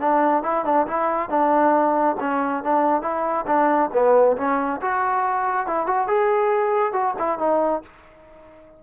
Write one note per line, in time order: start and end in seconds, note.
0.00 0.43 D4
0.43 0.65 E4
0.65 0.87 D4
0.87 1.30 E4
1.30 2.17 D4
2.20 2.64 C#4
2.64 3.02 D4
3.02 3.46 E4
3.47 3.91 D4
3.93 4.37 B3
4.37 4.81 C#4
4.82 5.67 F#4
5.67 5.87 E4
5.87 6.08 F#4
6.08 6.93 G#4
6.93 7.15 F#4
7.19 7.39 E4
7.39 7.83 D#4